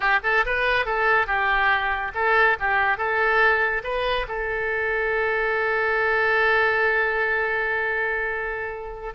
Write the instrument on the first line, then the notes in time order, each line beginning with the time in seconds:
oboe
0.00 G4
0.23 A4
0.45 B4
0.85 A4
1.27 G4
2.14 A4
2.59 G4
2.97 A4
3.83 B4
4.28 A4